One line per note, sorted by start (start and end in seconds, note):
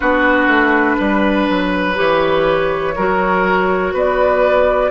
0.00 0.47 B3
0.00 1.95 D4
0.00 0.96 F#4
0.00 1.95 B4
0.47 0.96 A3
0.98 1.49 G3
0.98 2.94 B4
1.49 1.98 F#3
1.95 2.96 E3
1.95 2.93 G4
1.95 3.93 C#5
2.96 3.93 F#3
2.96 4.90 F#4
2.96 3.93 A#4
3.93 4.90 B3
3.93 4.90 B4
3.93 4.90 D5